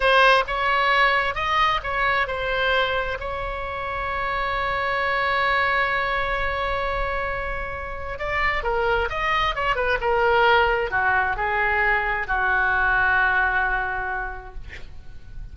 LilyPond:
\new Staff \with { instrumentName = "oboe" } { \time 4/4 \tempo 4 = 132 c''4 cis''2 dis''4 | cis''4 c''2 cis''4~ | cis''1~ | cis''1~ |
cis''2 d''4 ais'4 | dis''4 cis''8 b'8 ais'2 | fis'4 gis'2 fis'4~ | fis'1 | }